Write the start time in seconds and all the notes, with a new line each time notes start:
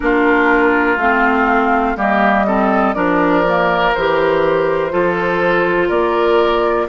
0.00 A#3 D4 F4 A#4
0.96 A3 C4 F5
1.96 G3 A#3 G4 D#5
2.46 C4 A4
2.93 F3 D4 A#4 D5
3.47 A#3
3.94 E3 G4 C5
4.91 F3 F4 A4
5.88 A#3 A#4 D5